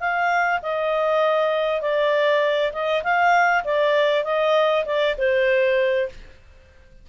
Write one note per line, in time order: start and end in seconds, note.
0.00 0.61 F5
0.63 1.82 D#5
1.82 2.73 D5
2.73 3.03 D#5
3.04 3.64 F5
3.64 4.25 D5
4.25 4.85 D#5
4.86 5.16 D5
5.18 6.09 C5